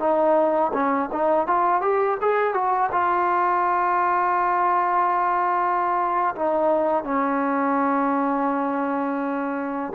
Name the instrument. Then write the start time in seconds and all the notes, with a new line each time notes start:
trombone
0.00 D#4
0.74 C#4
1.13 D#4
1.47 F4
1.82 G4
2.21 G#4
2.54 F#4
2.92 F4
6.36 D#4
7.04 C#4